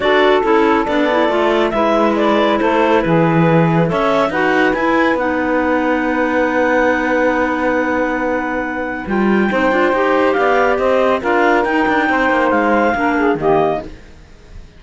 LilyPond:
<<
  \new Staff \with { instrumentName = "clarinet" } { \time 4/4 \tempo 4 = 139 d''4 a'4 d''2 | e''4 d''4 c''4 b'4~ | b'4 e''4 fis''4 gis''4 | fis''1~ |
fis''1~ | fis''4 g''2. | f''4 dis''4 f''4 g''4~ | g''4 f''2 dis''4 | }
  \new Staff \with { instrumentName = "saxophone" } { \time 4/4 a'1 | b'2 a'4 gis'4~ | gis'4 cis''4 b'2~ | b'1~ |
b'1~ | b'2 c''2 | d''4 c''4 ais'2 | c''2 ais'8 gis'8 g'4 | }
  \new Staff \with { instrumentName = "clarinet" } { \time 4/4 fis'4 e'4 d'8 e'8 f'4 | e'1~ | e'4 a'4 fis'4 e'4 | dis'1~ |
dis'1~ | dis'4 f'4 dis'8 f'8 g'4~ | g'2 f'4 dis'4~ | dis'2 d'4 ais4 | }
  \new Staff \with { instrumentName = "cello" } { \time 4/4 d'4 cis'4 b4 a4 | gis2 a4 e4~ | e4 cis'4 dis'4 e'4 | b1~ |
b1~ | b4 g4 c'8 d'8 dis'4 | b4 c'4 d'4 dis'8 d'8 | c'8 ais8 gis4 ais4 dis4 | }
>>